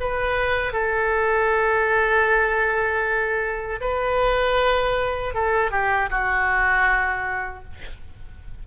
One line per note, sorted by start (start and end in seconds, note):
0.00 0.73 B4
0.73 3.80 A4
3.80 5.34 B4
5.34 5.71 A4
5.71 6.09 G4
6.10 7.64 F#4